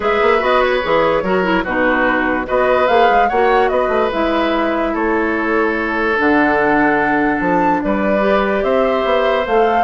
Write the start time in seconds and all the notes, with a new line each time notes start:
0.00 G#3 G#4 B4 E5
0.21 A#3
0.39 B3 F#4 D#5
0.61 C#5
0.82 E3 G#4
1.22 F#3 F#4 A#4
1.43 E4
1.64 B2 D#4 F#4 B4
2.44 B3 F#4 B4 D#5
2.87 A#3 G#4 F5
3.10 G#3
3.28 A#3 F#4 C#5 F#5
3.68 B3 B4 D#5
3.88 A3
4.11 G#3 E4 E5
4.93 A3 A4 C#5
6.16 D3 D4 F#5
7.40 F3 A5
7.82 G3 B4 D5
8.20 G4
8.63 C4 C5 E5
9.04 B3
9.46 A3 A4 F5